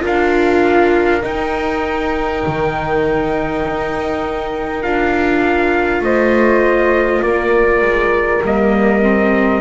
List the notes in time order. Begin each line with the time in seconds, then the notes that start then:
0.00 D4 F4 A#4 F5
1.22 D#4 G5
2.46 D#3
3.65 D#4
4.82 D4 F4 F5
6.00 A3 C5 D#5
7.22 A#3 A#4 D5
7.81 G#3
8.42 G3 A#3 D#5
9.02 C4